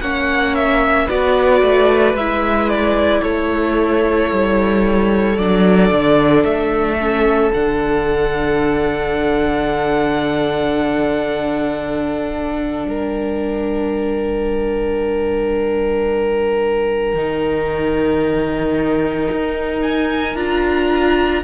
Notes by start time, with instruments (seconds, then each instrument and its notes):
0.00 cello A#3, viola C#4, violin C#5 F#5
0.55 violin E5
1.07 cello B3, viola F#4, violin B4 D5
1.62 cello A3
2.14 cello G#3, viola E4, violin E5
2.69 violin D5
3.22 cello A3, violin A4 C#5
4.31 cello G3
5.36 cello F#3, viola D4, violin D5
5.92 cello D3
6.44 cello A3, violin E5
7.00 viola C#4
7.53 cello D3, viola D4, violin F#5
12.85 cello G3, violin A#4 G5
17.14 cello D#3, viola D#4
19.31 cello D#4
19.83 violin G#5
20.35 cello D4, viola F4, violin A#5